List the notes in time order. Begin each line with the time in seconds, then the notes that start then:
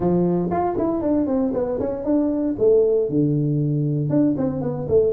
0.00 F3
0.51 F4
0.78 E4
1.01 D4
1.27 C4
1.53 B3
1.79 C#4
2.04 D4
2.58 A3
3.09 D3
4.09 D4
4.37 C4
4.61 B3
4.88 A3